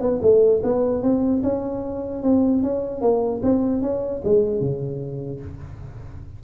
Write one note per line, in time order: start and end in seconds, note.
0.00 0.20 B3
0.22 0.62 A3
0.63 1.02 B3
1.02 1.42 C4
1.43 2.22 C#4
2.22 2.62 C4
2.63 3.01 C#4
3.01 3.41 A#3
3.43 3.81 C4
3.81 4.21 C#4
4.24 4.60 G#3
4.60 5.40 C#3